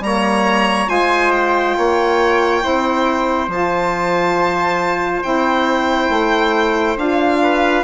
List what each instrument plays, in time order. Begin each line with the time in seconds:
0.00 bassoon G3, saxophone A#3, violin A#5
0.06 trumpet C#5
0.87 bassoon G#3, saxophone F4, trumpet C5, violin G#5
1.32 violin G5
1.77 bassoon A#3, trumpet C#5
2.61 bassoon C4, saxophone E4, trumpet C5
3.48 bassoon F3, saxophone F4, violin A5
5.23 bassoon C4, saxophone E4, violin G5
6.09 bassoon A3
6.96 bassoon D4, saxophone F4, violin F5
7.42 trumpet B4